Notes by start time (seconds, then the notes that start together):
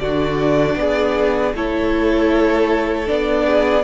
0.00 D3 D4 F#4 D5
0.76 B3 G#4
1.55 A3 E4 A4 C#5
3.07 B3 D4 D5
3.47 G#4